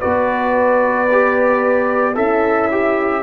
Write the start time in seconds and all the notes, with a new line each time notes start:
0.00 B3 F#4 B4 D5
1.12 G4
2.15 C#4 E4 A4 E5
2.72 G4